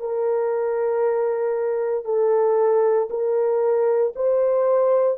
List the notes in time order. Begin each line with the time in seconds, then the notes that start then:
0.00 A#4
2.05 A4
3.10 A#4
4.16 C5